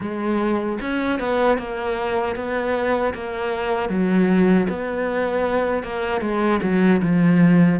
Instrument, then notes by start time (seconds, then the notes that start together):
cello
0.00 G#3
0.81 C#4
1.19 B3
1.58 A#3
2.36 B3
3.13 A#3
3.89 F#3
4.69 B3
5.83 A#3
6.21 G#3
6.62 F#3
7.02 F3